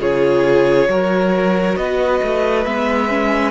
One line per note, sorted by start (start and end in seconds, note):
0.00 0.88 C#3
0.00 0.89 F4
0.00 0.88 G#4
0.00 1.77 C#5
0.88 1.76 F#3
0.88 2.66 F#4
0.88 1.79 A#4
1.77 2.21 B3
1.77 3.51 B4
1.77 2.65 D#5
2.23 2.66 A3
2.65 3.51 G#3
2.65 3.09 B3
2.65 3.51 E5
3.09 3.51 C#4